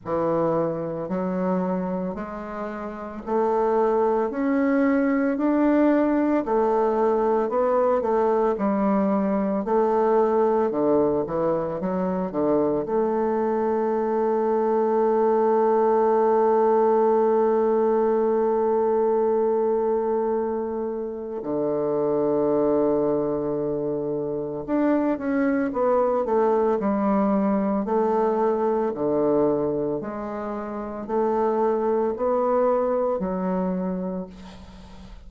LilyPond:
\new Staff \with { instrumentName = "bassoon" } { \time 4/4 \tempo 4 = 56 e4 fis4 gis4 a4 | cis'4 d'4 a4 b8 a8 | g4 a4 d8 e8 fis8 d8 | a1~ |
a1 | d2. d'8 cis'8 | b8 a8 g4 a4 d4 | gis4 a4 b4 fis4 | }